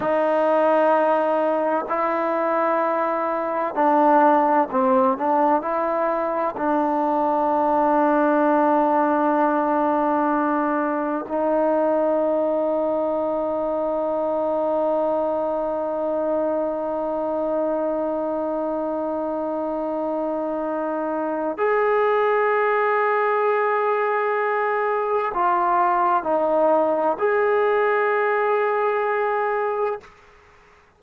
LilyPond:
\new Staff \with { instrumentName = "trombone" } { \time 4/4 \tempo 4 = 64 dis'2 e'2 | d'4 c'8 d'8 e'4 d'4~ | d'1 | dis'1~ |
dis'1~ | dis'2. gis'4~ | gis'2. f'4 | dis'4 gis'2. | }